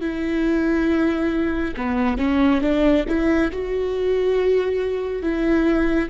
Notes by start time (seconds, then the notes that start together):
0.00 E4
1.76 B3
2.17 C#4
2.61 D4
3.08 E4
3.52 F#4
5.22 E4